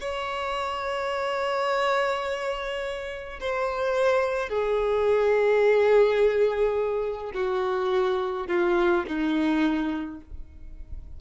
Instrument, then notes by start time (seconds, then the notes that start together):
violin
0.00 C#5
3.40 C5
4.49 G#4
7.34 F#4
8.48 F4
9.07 D#4